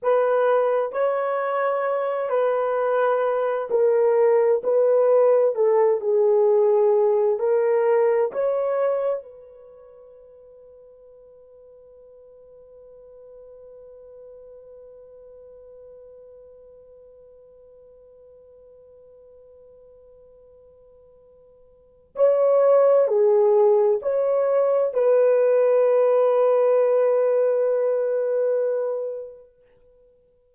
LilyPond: \new Staff \with { instrumentName = "horn" } { \time 4/4 \tempo 4 = 65 b'4 cis''4. b'4. | ais'4 b'4 a'8 gis'4. | ais'4 cis''4 b'2~ | b'1~ |
b'1~ | b'1 | cis''4 gis'4 cis''4 b'4~ | b'1 | }